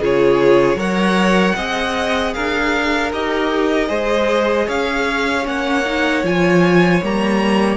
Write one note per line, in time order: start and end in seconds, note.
0.00 0.75 C#3
0.00 0.78 F4
0.00 0.77 G#4
0.00 0.79 C#5
0.75 1.53 F#3
0.75 1.56 A#4
0.75 1.55 C#5
0.75 2.34 F#5
1.56 2.35 C4
1.56 3.13 G#4
1.56 2.34 D#5
2.34 3.12 D4
2.34 3.88 A#4
2.34 3.12 F5
3.12 3.89 D#4
3.12 3.88 G4
3.12 4.69 D#5
3.88 4.67 G#3
3.88 5.44 G#4
3.88 4.66 C5
4.66 5.46 C#4
4.66 7.77 C#5
4.66 5.47 F5
5.44 6.23 A#3
5.44 5.82 C#4
5.44 6.25 F#5
5.85 6.24 D#4
6.23 7.01 F3
6.23 7.02 F4
6.23 7.04 G#5
7.02 7.77 G3
7.02 7.77 A#3
7.02 7.77 A#5